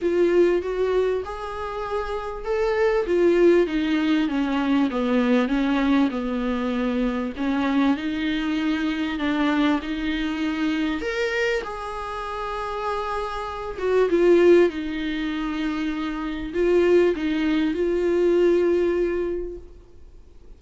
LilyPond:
\new Staff \with { instrumentName = "viola" } { \time 4/4 \tempo 4 = 98 f'4 fis'4 gis'2 | a'4 f'4 dis'4 cis'4 | b4 cis'4 b2 | cis'4 dis'2 d'4 |
dis'2 ais'4 gis'4~ | gis'2~ gis'8 fis'8 f'4 | dis'2. f'4 | dis'4 f'2. | }